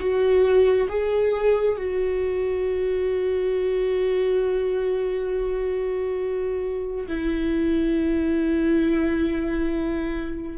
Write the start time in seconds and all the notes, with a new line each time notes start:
0.00 F#4
0.89 G#4
1.78 F#4
7.08 E4